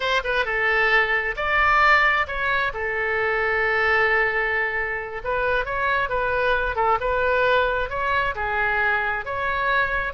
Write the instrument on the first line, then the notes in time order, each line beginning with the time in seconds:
oboe
0.00 C5
0.24 B4
0.45 A4
1.36 D5
2.27 C#5
2.73 A4
5.23 B4
5.65 C#5
6.09 B4
6.75 A4
7.00 B4
7.89 C#5
8.35 G#4
9.25 C#5